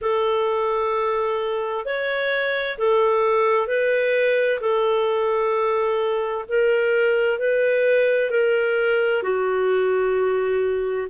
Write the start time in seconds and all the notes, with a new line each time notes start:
0.01 A4
1.85 C#5
2.77 A4
3.67 B4
4.60 A4
6.48 A#4
7.38 B4
8.30 A#4
9.23 F#4